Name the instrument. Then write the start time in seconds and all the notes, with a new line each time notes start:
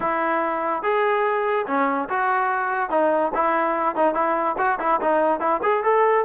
trombone
0.00 E4
0.82 G#4
1.67 C#4
2.09 F#4
2.90 D#4
3.34 E4
3.95 D#4
4.14 E4
4.58 F#4
4.79 E4
5.01 D#4
5.40 E4
5.62 G#4
5.83 A4